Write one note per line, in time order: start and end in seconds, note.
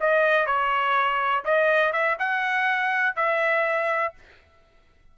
0.00 0.46 D#5
0.46 1.44 C#5
1.44 1.92 D#5
1.92 2.17 E5
2.19 3.16 F#5
3.16 4.14 E5